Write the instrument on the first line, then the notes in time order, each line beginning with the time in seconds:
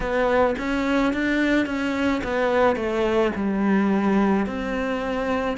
cello
0.00 B3
0.58 C#4
1.13 D4
1.66 C#4
2.23 B3
2.76 A3
3.35 G3
4.46 C4